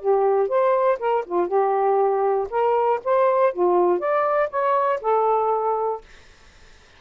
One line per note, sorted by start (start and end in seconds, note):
0.00 0.49 G4
0.49 0.99 C5
1.00 1.25 A#4
1.26 1.48 F4
1.48 2.48 G4
2.50 3.00 A#4
3.05 3.53 C5
3.53 4.00 F4
4.00 4.50 D5
4.50 5.00 C#5
5.02 6.02 A4